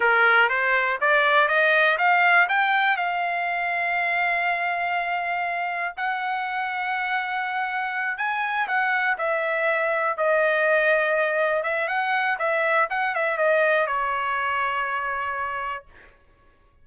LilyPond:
\new Staff \with { instrumentName = "trumpet" } { \time 4/4 \tempo 4 = 121 ais'4 c''4 d''4 dis''4 | f''4 g''4 f''2~ | f''1 | fis''1~ |
fis''8 gis''4 fis''4 e''4.~ | e''8 dis''2. e''8 | fis''4 e''4 fis''8 e''8 dis''4 | cis''1 | }